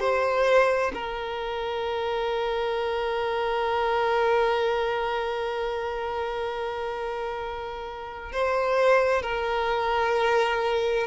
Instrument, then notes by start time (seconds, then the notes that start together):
violin
0.00 C5
0.94 A#4
8.32 C5
9.22 A#4